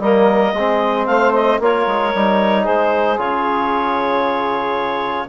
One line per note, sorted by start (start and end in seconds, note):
0.00 0.53 G3
0.00 0.56 A#3
0.00 0.54 A#4
0.00 1.07 D#5
0.54 1.07 G#3
0.54 1.62 C4
0.54 1.08 G#4
1.07 1.59 A3
1.07 1.61 C5
1.07 1.33 F5
1.34 1.60 D#5
1.60 1.86 A#3
1.60 2.15 F4
1.60 2.62 A#4
1.60 2.66 C#5
1.87 2.13 G#3
2.15 2.67 G3
2.15 3.18 D#4
2.62 3.18 G#3
2.62 5.26 G#4
2.62 3.19 C5
3.18 5.29 C#3
3.18 5.28 F4
3.18 5.29 C#5